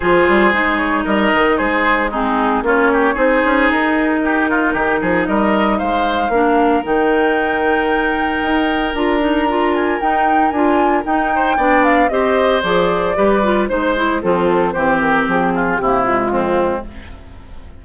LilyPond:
<<
  \new Staff \with { instrumentName = "flute" } { \time 4/4 \tempo 4 = 114 c''4. cis''8 dis''4 c''4 | gis'4 cis''4 c''4 ais'4~ | ais'2 dis''4 f''4~ | f''4 g''2.~ |
g''4 ais''4. gis''8 g''4 | gis''4 g''4. f''8 dis''4 | d''2 c''4 a'4 | c''8 ais'8 gis'4 g'8 f'4. | }
  \new Staff \with { instrumentName = "oboe" } { \time 4/4 gis'2 ais'4 gis'4 | dis'4 f'8 g'8 gis'2 | g'8 f'8 g'8 gis'8 ais'4 c''4 | ais'1~ |
ais'1~ | ais'4. c''8 d''4 c''4~ | c''4 b'4 c''4 c'4 | g'4. f'8 e'4 c'4 | }
  \new Staff \with { instrumentName = "clarinet" } { \time 4/4 f'4 dis'2. | c'4 cis'4 dis'2~ | dis'1 | d'4 dis'2.~ |
dis'4 f'8 dis'8 f'4 dis'4 | f'4 dis'4 d'4 g'4 | gis'4 g'8 f'8 dis'8 e'8 f'4 | c'2 ais8 gis4. | }
  \new Staff \with { instrumentName = "bassoon" } { \time 4/4 f8 g8 gis4 g8 dis8 gis4~ | gis4 ais4 c'8 cis'8 dis'4~ | dis'4 dis8 f8 g4 gis4 | ais4 dis2. |
dis'4 d'2 dis'4 | d'4 dis'4 b4 c'4 | f4 g4 gis4 f4 | e4 f4 c4 f,4 | }
>>